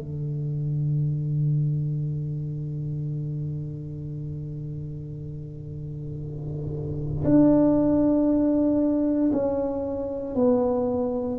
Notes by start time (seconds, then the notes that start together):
0.00 D3
7.25 D4
9.33 C#4
10.35 B3